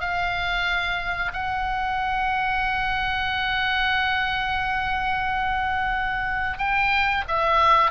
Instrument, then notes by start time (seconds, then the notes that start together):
oboe
0.00 F5
1.32 F#5
6.58 G5
7.27 E5